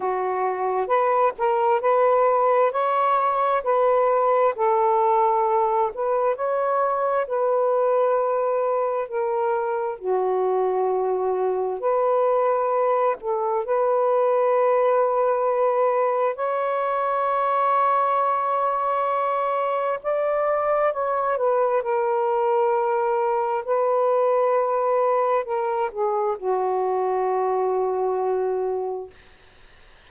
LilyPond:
\new Staff \with { instrumentName = "saxophone" } { \time 4/4 \tempo 4 = 66 fis'4 b'8 ais'8 b'4 cis''4 | b'4 a'4. b'8 cis''4 | b'2 ais'4 fis'4~ | fis'4 b'4. a'8 b'4~ |
b'2 cis''2~ | cis''2 d''4 cis''8 b'8 | ais'2 b'2 | ais'8 gis'8 fis'2. | }